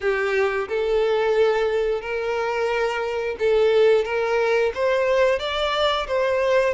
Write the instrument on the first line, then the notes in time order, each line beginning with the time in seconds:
violin
0.00 G4
0.68 A4
2.01 A#4
3.39 A4
4.04 A#4
4.74 C5
5.39 D5
6.07 C5